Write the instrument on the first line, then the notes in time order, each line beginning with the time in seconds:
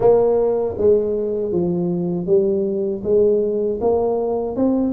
tuba
0.00 A#3
0.77 G#3
1.52 F3
2.26 G3
3.03 G#3
3.80 A#3
4.56 C4